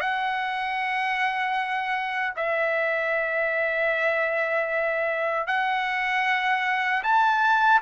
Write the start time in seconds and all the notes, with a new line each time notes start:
0.00 F#5
2.36 E5
5.47 F#5
7.03 A5